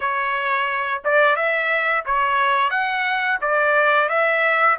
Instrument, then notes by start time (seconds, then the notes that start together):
trumpet
0.00 C#5
1.04 D5
1.35 E5
2.05 C#5
2.70 F#5
3.41 D5
4.08 E5